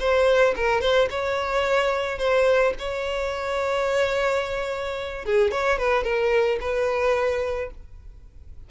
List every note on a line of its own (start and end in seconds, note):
0.00 0.55 C5
0.56 0.81 A#4
0.81 1.09 C5
1.11 2.19 C#5
2.19 2.74 C5
2.79 5.26 C#5
5.26 5.52 G#4
5.52 5.79 C#5
5.79 6.04 B4
6.04 6.59 A#4
6.61 7.71 B4